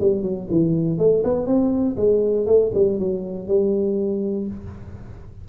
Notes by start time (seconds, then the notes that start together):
0.00 G3
0.22 F#3
0.50 E3
0.98 A3
1.24 B3
1.46 C4
1.96 G#3
2.46 A3
2.74 G3
2.99 F#3
3.47 G3